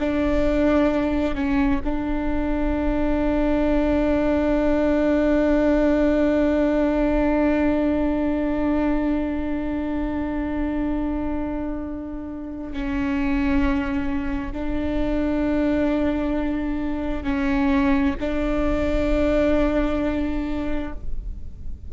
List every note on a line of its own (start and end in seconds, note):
0.00 1.35 D4
1.35 1.81 C#4
1.85 12.73 D4
12.73 14.52 C#4
14.52 17.24 D4
17.24 18.14 C#4
18.20 20.93 D4